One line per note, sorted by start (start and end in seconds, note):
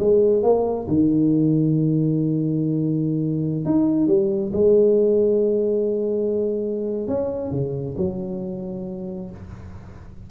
0.00 0.43 G#3
0.43 0.88 A#3
0.88 3.66 D#3
3.66 4.08 D#4
4.08 4.52 G3
4.53 7.08 G#3
7.08 7.52 C#4
7.52 7.96 C#3
7.98 9.31 F#3